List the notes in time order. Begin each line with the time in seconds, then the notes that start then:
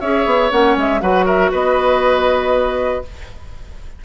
0.00 C#4 G#4 C#5 E5
0.25 B3
0.50 A#3 C#4 F#5
0.76 G#3 E5
1.00 F#3 F#4 B4 F#5
1.25 A#4 E5
1.51 B3 B4 D#5